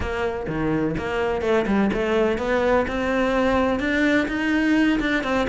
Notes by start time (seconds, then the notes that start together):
0.00 A#3
0.48 D#3
0.97 A#3
1.41 A3
1.66 G3
1.93 A3
2.38 B3
2.87 C4
3.79 D4
4.27 D#4
5.00 D4
5.23 C4